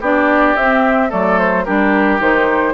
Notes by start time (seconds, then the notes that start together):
0.00 B3 D4 G4 D5
0.56 C4 E5
1.09 F#3 A3 A4 D5
1.39 C5
1.65 G3 D4 G4 A#4
2.20 D#3 D#4 C5